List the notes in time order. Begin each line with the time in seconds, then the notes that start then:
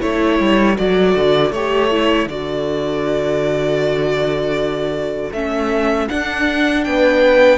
0.00 A3 E4 A4 C#5
0.39 G3
0.76 F#3 F#4 D5
1.15 D3
1.51 A3 G4 C#5
1.91 E4
2.26 D3 F#4 D5
5.32 A3 C#4 E5
6.08 D4 F#5
6.84 B3 B4 G5